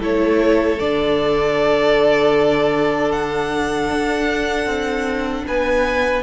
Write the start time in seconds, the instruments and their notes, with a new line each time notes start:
0.00 cello A3, viola E4, violin A4 C#5
0.80 cello D3, viola D4, violin D5
3.12 violin F#5
3.90 cello D4
4.67 cello C4
5.48 cello B3, violin B4 G#5